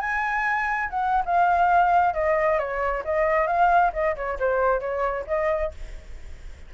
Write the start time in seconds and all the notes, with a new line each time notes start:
0.00 G#5
0.90 F#5
1.25 F5
2.14 D#5
2.59 C#5
3.04 D#5
3.47 F5
3.93 D#5
4.16 C#5
4.39 C5
4.80 C#5
5.27 D#5